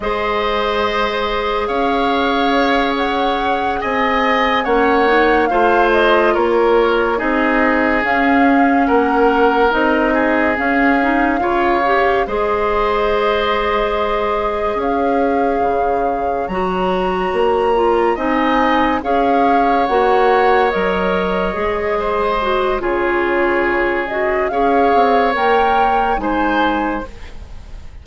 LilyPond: <<
  \new Staff \with { instrumentName = "flute" } { \time 4/4 \tempo 4 = 71 dis''2 f''4. fis''8~ | fis''8 gis''4 fis''4 f''8 dis''8 cis''8~ | cis''8 dis''4 f''4 fis''4 dis''8~ | dis''8 f''2 dis''4.~ |
dis''4. f''2 ais''8~ | ais''4. gis''4 f''4 fis''8~ | fis''8 dis''2~ dis''8 cis''4~ | cis''8 dis''8 f''4 g''4 gis''4 | }
  \new Staff \with { instrumentName = "oboe" } { \time 4/4 c''2 cis''2~ | cis''8 dis''4 cis''4 c''4 ais'8~ | ais'8 gis'2 ais'4. | gis'4. cis''4 c''4.~ |
c''4. cis''2~ cis''8~ | cis''4. dis''4 cis''4.~ | cis''2 c''4 gis'4~ | gis'4 cis''2 c''4 | }
  \new Staff \with { instrumentName = "clarinet" } { \time 4/4 gis'1~ | gis'4. cis'8 dis'8 f'4.~ | f'8 dis'4 cis'2 dis'8~ | dis'8 cis'8 dis'8 f'8 g'8 gis'4.~ |
gis'2.~ gis'8 fis'8~ | fis'4 f'8 dis'4 gis'4 fis'8~ | fis'8 ais'4 gis'4 fis'8 f'4~ | f'8 fis'8 gis'4 ais'4 dis'4 | }
  \new Staff \with { instrumentName = "bassoon" } { \time 4/4 gis2 cis'2~ | cis'8 c'4 ais4 a4 ais8~ | ais8 c'4 cis'4 ais4 c'8~ | c'8 cis'4 cis4 gis4.~ |
gis4. cis'4 cis4 fis8~ | fis8 ais4 c'4 cis'4 ais8~ | ais8 fis4 gis4. cis4~ | cis4 cis'8 c'8 ais4 gis4 | }
>>